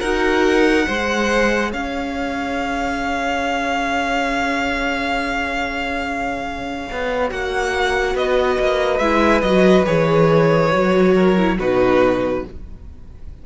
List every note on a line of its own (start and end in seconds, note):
0.00 0.87 D#4
0.00 0.88 F#4
0.00 0.86 A#4
0.00 1.72 F#5
0.87 1.73 G#3
0.87 7.29 G#4
0.87 1.71 C5
1.71 6.87 C#4
1.71 8.14 C#5
1.71 7.30 F5
6.92 7.31 B3
7.29 8.15 A#3
7.29 9.01 F#4
7.29 8.16 F#5
8.14 8.58 B3
8.14 11.14 B4
8.14 8.98 D#5
8.59 8.99 A#3
8.98 9.42 G#3
8.98 9.44 E4
8.98 9.41 E5
9.42 9.85 F#3
9.42 9.86 F#4
9.42 9.85 D#5
9.86 10.74 E3
9.86 10.71 G#4
9.86 11.57 C#5
10.71 11.59 F#3
10.71 11.36 F#4
11.14 11.57 A#4
11.37 11.58 E4
11.59 12.45 B2
11.59 12.46 D#4
11.59 12.45 F#4
11.59 12.45 B4